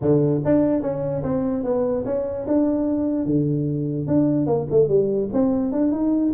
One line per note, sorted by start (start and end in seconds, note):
0.01 0.42 D3
0.44 0.82 D4
0.82 1.22 C#4
1.23 1.63 C4
1.63 2.04 B3
2.05 2.46 C#4
2.47 3.25 D4
3.25 4.07 D3
4.07 4.46 D4
4.46 4.66 A#3
4.70 4.88 A3
4.88 5.29 G3
5.32 5.71 C4
5.71 5.91 D4
5.91 6.32 D#4